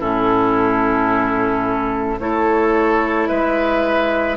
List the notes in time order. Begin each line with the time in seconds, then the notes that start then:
0.00 A2 C#4 E4 A4
2.19 A3 E4 A4 C#5
3.27 G#3 B4 E5